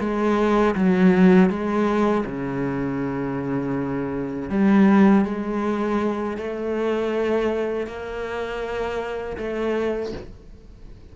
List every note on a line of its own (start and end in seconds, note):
0.00 0.75 G#3
0.75 1.50 F#3
1.50 2.25 G#3
2.26 4.50 C#3
4.50 5.25 G3
5.25 6.38 G#3
6.38 7.87 A3
7.87 9.37 A#3
9.38 10.12 A3